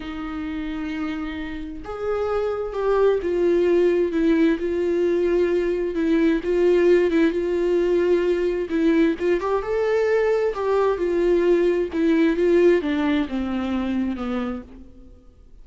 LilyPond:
\new Staff \with { instrumentName = "viola" } { \time 4/4 \tempo 4 = 131 dis'1 | gis'2 g'4 f'4~ | f'4 e'4 f'2~ | f'4 e'4 f'4. e'8 |
f'2. e'4 | f'8 g'8 a'2 g'4 | f'2 e'4 f'4 | d'4 c'2 b4 | }